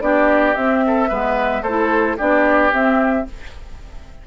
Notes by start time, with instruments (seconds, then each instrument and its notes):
0.00 bassoon B3, clarinet D4, oboe G4, flute D5
0.54 clarinet C4, bassoon C4, flute E5
0.87 oboe A4
1.08 bassoon G#3, clarinet B3, oboe B4
1.62 bassoon A3, oboe A4, flute C5
1.68 clarinet E4
2.17 bassoon B3, clarinet D4, oboe G4, flute D5
2.71 clarinet C4, bassoon C4, flute E5